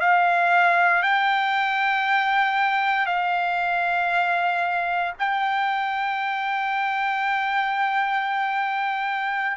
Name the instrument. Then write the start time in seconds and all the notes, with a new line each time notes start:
trumpet
0.00 F5
1.03 G5
3.06 F5
5.19 G5